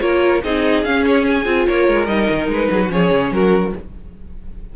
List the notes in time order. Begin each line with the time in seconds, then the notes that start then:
0.00 A#3 F4 A#4 C#5
0.43 C4 D#4 G#4 D#5
0.84 C#4 F5
1.06 C#5
1.27 G#5
1.44 C4 F4
1.67 A#3 A#4 C#5
1.88 G#3
2.05 G3 D#4 D#5
2.30 D#3
2.47 G#3 B4
2.70 F#3 G#4
2.81 F#4
2.89 F3 C#4 G#4 C#5
3.11 C#3
3.31 F#3 F#4 A#4